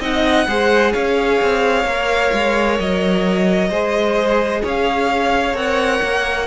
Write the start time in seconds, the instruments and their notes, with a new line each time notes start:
0.00 cello C4, viola D#4, violin D#5 F#5
0.47 cello G#3, viola G#4, violin C5
0.92 cello C#4, violin C#5 F5
1.42 cello C4
1.84 cello A#3, viola A#4
2.33 cello G#3
2.79 cello F#3, violin D#5
3.70 cello G#3, viola G#4, violin C5
4.62 cello C#4, violin C#5 F5
5.54 cello C4, viola A#4, violin F#5
6.02 cello A#3